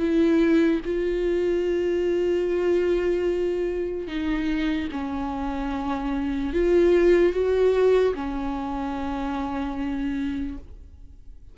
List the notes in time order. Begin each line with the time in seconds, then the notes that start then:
0.00 E4
0.86 F4
4.08 D#4
4.92 C#4
6.54 F4
7.33 F#4
8.15 C#4